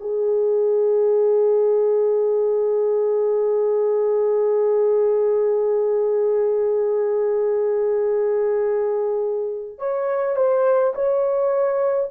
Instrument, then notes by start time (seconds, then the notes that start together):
horn
0.00 G#4
9.78 C#5
10.36 C5
10.95 C#5